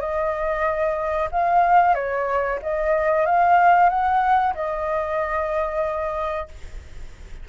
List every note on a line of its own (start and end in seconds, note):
0.00 1.29 D#5
1.31 1.94 F5
1.94 2.59 C#5
2.62 3.26 D#5
3.26 3.89 F5
3.89 4.54 F#5
4.54 6.48 D#5